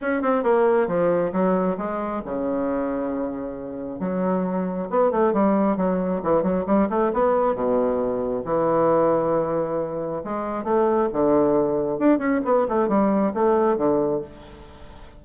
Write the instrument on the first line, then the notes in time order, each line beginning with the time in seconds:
bassoon
0.01 C#4
0.22 C4
0.43 A#3
0.87 F3
1.32 F#3
1.77 G#3
2.25 C#3
3.99 F#3
4.90 B3
5.11 A3
5.33 G3
5.77 F#3
6.23 E3
6.42 F#3
6.66 G3
6.89 A3
7.13 B3
7.54 B2
8.44 E3
10.24 G#3
10.64 A3
11.13 D3
11.98 D4
12.18 C#4
12.44 B3
12.68 A3
12.88 G3
13.34 A3
13.77 D3